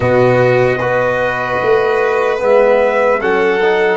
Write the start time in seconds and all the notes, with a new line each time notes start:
0.00 B2 B3 F#4 D#5
0.78 B3 F#4 B4
1.62 A3
2.39 G#3 B3 E5
3.20 F#3 C#4 A4 F#5
3.62 D#4